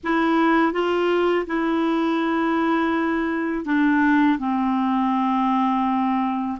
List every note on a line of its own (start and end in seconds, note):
0.03 0.73 E4
0.73 1.46 F4
1.46 3.65 E4
3.65 4.38 D4
4.39 6.58 C4